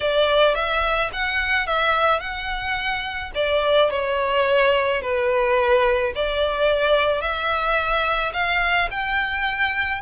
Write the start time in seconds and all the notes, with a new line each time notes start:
0.00 D5
0.54 E5
1.12 F#5
1.66 E5
2.20 F#5
3.35 D5
3.90 C#5
5.01 B4
6.15 D5
7.21 E5
8.33 F5
8.90 G5